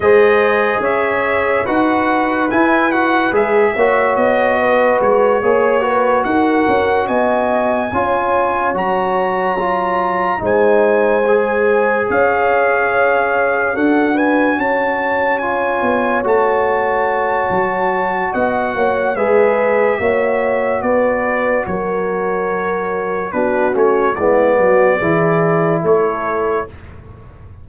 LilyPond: <<
  \new Staff \with { instrumentName = "trumpet" } { \time 4/4 \tempo 4 = 72 dis''4 e''4 fis''4 gis''8 fis''8 | e''4 dis''4 cis''4. fis''8~ | fis''8 gis''2 ais''4.~ | ais''8 gis''2 f''4.~ |
f''8 fis''8 gis''8 a''4 gis''4 a''8~ | a''2 fis''4 e''4~ | e''4 d''4 cis''2 | b'8 cis''8 d''2 cis''4 | }
  \new Staff \with { instrumentName = "horn" } { \time 4/4 c''4 cis''4 b'2~ | b'8 cis''4 b'4 cis''8 b'8 ais'8~ | ais'8 dis''4 cis''2~ cis''8~ | cis''8 c''2 cis''4.~ |
cis''8 a'8 b'8 cis''2~ cis''8~ | cis''2 dis''8 cis''8 b'4 | cis''4 b'4 ais'2 | fis'4 e'8 fis'8 gis'4 a'4 | }
  \new Staff \with { instrumentName = "trombone" } { \time 4/4 gis'2 fis'4 e'8 fis'8 | gis'8 fis'2 gis'8 fis'4~ | fis'4. f'4 fis'4 f'8~ | f'8 dis'4 gis'2~ gis'8~ |
gis'8 fis'2 f'4 fis'8~ | fis'2. gis'4 | fis'1 | d'8 cis'8 b4 e'2 | }
  \new Staff \with { instrumentName = "tuba" } { \time 4/4 gis4 cis'4 dis'4 e'4 | gis8 ais8 b4 gis8 ais4 dis'8 | cis'8 b4 cis'4 fis4.~ | fis8 gis2 cis'4.~ |
cis'8 d'4 cis'4. b8 a8~ | a4 fis4 b8 ais8 gis4 | ais4 b4 fis2 | b8 a8 gis8 fis8 e4 a4 | }
>>